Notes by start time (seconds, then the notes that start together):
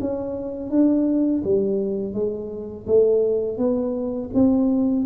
0.00 C#4
0.70 D4
1.44 G3
2.13 G#3
2.87 A3
3.57 B3
4.34 C4